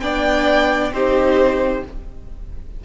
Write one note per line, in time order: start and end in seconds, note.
0.00 0.91 B3
0.00 0.93 D4
0.00 0.93 D5
0.00 0.91 G5
0.91 1.82 C4
0.91 1.84 D#4
0.91 1.84 G4
0.91 1.84 C5